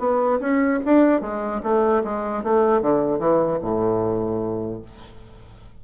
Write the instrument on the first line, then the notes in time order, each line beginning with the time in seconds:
bassoon
0.00 B3
0.40 C#4
0.85 D4
1.21 G#3
1.63 A3
2.04 G#3
2.44 A3
2.82 D3
3.19 E3
3.62 A2